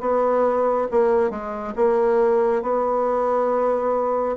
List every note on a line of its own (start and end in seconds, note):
0.00 0.87 B3
0.91 1.30 A#3
1.30 1.74 G#3
1.76 2.62 A#3
2.62 4.36 B3